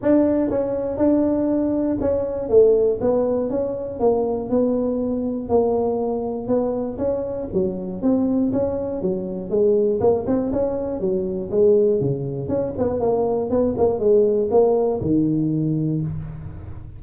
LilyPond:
\new Staff \with { instrumentName = "tuba" } { \time 4/4 \tempo 4 = 120 d'4 cis'4 d'2 | cis'4 a4 b4 cis'4 | ais4 b2 ais4~ | ais4 b4 cis'4 fis4 |
c'4 cis'4 fis4 gis4 | ais8 c'8 cis'4 fis4 gis4 | cis4 cis'8 b8 ais4 b8 ais8 | gis4 ais4 dis2 | }